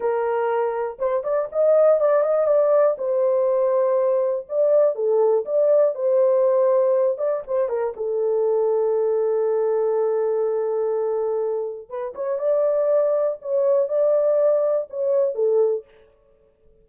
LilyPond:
\new Staff \with { instrumentName = "horn" } { \time 4/4 \tempo 4 = 121 ais'2 c''8 d''8 dis''4 | d''8 dis''8 d''4 c''2~ | c''4 d''4 a'4 d''4 | c''2~ c''8 d''8 c''8 ais'8 |
a'1~ | a'1 | b'8 cis''8 d''2 cis''4 | d''2 cis''4 a'4 | }